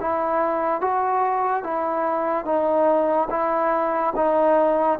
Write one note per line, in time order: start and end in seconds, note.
0.00 0.81 E4
0.81 1.63 F#4
1.63 2.45 E4
2.45 3.28 D#4
3.30 4.13 E4
4.15 4.98 D#4